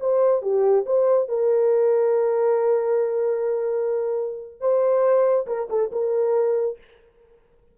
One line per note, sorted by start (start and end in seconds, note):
0.00 0.42 C5
0.42 0.85 G4
0.86 1.28 C5
1.28 4.60 A#4
4.60 5.47 C5
5.47 5.68 A#4
5.69 5.91 A4
5.92 6.78 A#4